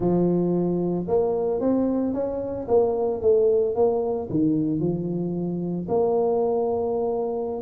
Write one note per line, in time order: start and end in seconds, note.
0.00 1.06 F3
1.07 1.60 A#3
1.60 2.13 C4
2.13 2.67 C#4
2.68 3.21 A#3
3.21 3.75 A3
3.75 4.28 A#3
4.30 4.79 D#3
4.79 5.87 F3
5.88 7.61 A#3